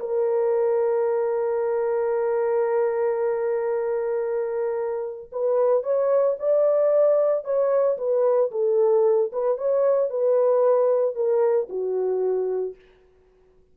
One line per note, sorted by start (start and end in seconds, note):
0.00 5.31 A#4
5.33 5.84 B4
5.84 6.37 C#5
6.40 7.45 D5
7.45 7.98 C#5
7.98 8.51 B4
8.52 9.32 A4
9.33 9.58 B4
9.58 10.11 C#5
10.11 11.16 B4
11.16 11.69 A#4
11.70 12.76 F#4